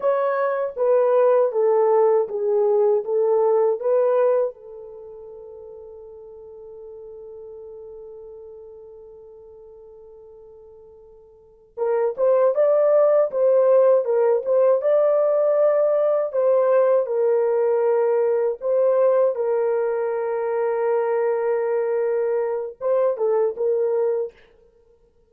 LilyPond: \new Staff \with { instrumentName = "horn" } { \time 4/4 \tempo 4 = 79 cis''4 b'4 a'4 gis'4 | a'4 b'4 a'2~ | a'1~ | a'2.~ a'8 ais'8 |
c''8 d''4 c''4 ais'8 c''8 d''8~ | d''4. c''4 ais'4.~ | ais'8 c''4 ais'2~ ais'8~ | ais'2 c''8 a'8 ais'4 | }